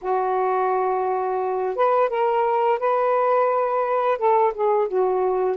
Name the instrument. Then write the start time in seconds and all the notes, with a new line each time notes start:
saxophone
0.01 F#4
1.75 B4
2.09 A#4
2.79 B4
4.18 A4
4.53 G#4
4.87 F#4